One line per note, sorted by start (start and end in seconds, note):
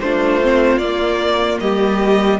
0.00 0.78 A3
0.00 0.42 D4
0.00 1.62 F4
0.00 0.78 C5
0.42 0.82 C4
0.78 1.58 A#3
0.78 2.40 A#3
0.78 1.58 D5
1.60 2.40 G3
1.60 2.40 G4
1.60 2.40 D#5